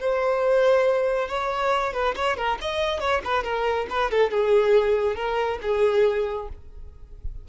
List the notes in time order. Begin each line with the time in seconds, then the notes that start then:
0.00 C5
1.28 C#5
1.93 B4
2.16 C#5
2.37 A#4
2.61 D#5
3.00 C#5
3.24 B4
3.43 A#4
3.90 B4
4.11 A4
4.31 G#4
5.15 A#4
5.62 G#4